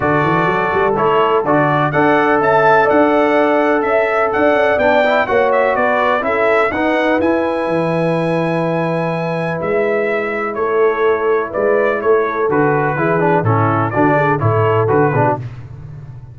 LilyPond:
<<
  \new Staff \with { instrumentName = "trumpet" } { \time 4/4 \tempo 4 = 125 d''2 cis''4 d''4 | fis''4 a''4 fis''2 | e''4 fis''4 g''4 fis''8 e''8 | d''4 e''4 fis''4 gis''4~ |
gis''1 | e''2 cis''2 | d''4 cis''4 b'2 | a'4 d''4 cis''4 b'4 | }
  \new Staff \with { instrumentName = "horn" } { \time 4/4 a'1 | d''4 e''4 d''2 | e''4 d''2 cis''4 | b'4 a'4 b'2~ |
b'1~ | b'2 a'2 | b'4 a'2 gis'4 | e'4 fis'8 gis'8 a'4. gis'16 fis'16 | }
  \new Staff \with { instrumentName = "trombone" } { \time 4/4 fis'2 e'4 fis'4 | a'1~ | a'2 d'8 e'8 fis'4~ | fis'4 e'4 dis'4 e'4~ |
e'1~ | e'1~ | e'2 fis'4 e'8 d'8 | cis'4 d'4 e'4 fis'8 d'8 | }
  \new Staff \with { instrumentName = "tuba" } { \time 4/4 d8 e8 fis8 g8 a4 d4 | d'4 cis'4 d'2 | cis'4 d'8 cis'8 b4 ais4 | b4 cis'4 dis'4 e'4 |
e1 | gis2 a2 | gis4 a4 d4 e4 | a,4 d4 a,4 d8 b,8 | }
>>